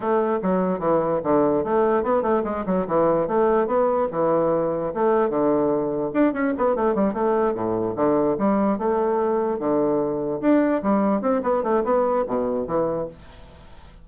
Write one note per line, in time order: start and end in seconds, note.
0.00 0.39 A3
0.42 0.79 F#3
0.79 1.20 E3
1.23 1.64 D3
1.64 2.03 A3
2.03 2.22 B3
2.22 2.42 A3
2.44 2.64 G#3
2.65 2.86 F#3
2.87 3.27 E3
3.27 3.67 A3
3.67 4.07 B3
4.11 4.93 E3
4.94 5.29 A3
5.29 6.11 D3
6.13 6.33 D4
6.33 6.53 C#4
6.57 6.75 B3
6.75 6.94 A3
6.94 7.13 G3
7.13 7.54 A3
7.54 7.95 A2
7.95 8.36 D3
8.38 8.78 G3
8.78 9.59 A3
9.59 10.40 D3
10.41 10.82 D4
10.83 11.21 G3
11.21 11.42 C4
11.42 11.63 B3
11.63 11.83 A3
11.84 12.24 B3
12.27 12.67 B2
12.67 13.07 E3